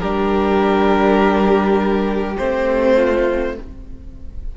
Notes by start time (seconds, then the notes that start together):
0.00 G3 D4 G4 A#4
2.37 A3 C4 C5
2.96 F4